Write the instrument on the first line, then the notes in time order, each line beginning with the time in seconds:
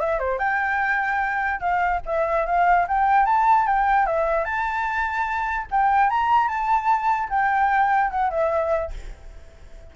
flute
0.00 E5
0.19 C5
0.39 G5
1.60 F5
2.06 E5
2.46 F5
2.88 G5
3.26 A5
3.67 G5
4.07 E5
4.45 A5
5.71 G5
6.10 A#5
6.48 A5
7.30 G5
8.11 F#5
8.31 E5